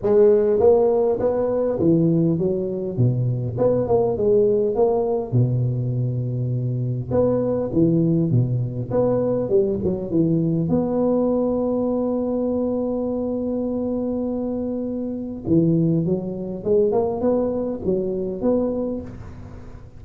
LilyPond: \new Staff \with { instrumentName = "tuba" } { \time 4/4 \tempo 4 = 101 gis4 ais4 b4 e4 | fis4 b,4 b8 ais8 gis4 | ais4 b,2. | b4 e4 b,4 b4 |
g8 fis8 e4 b2~ | b1~ | b2 e4 fis4 | gis8 ais8 b4 fis4 b4 | }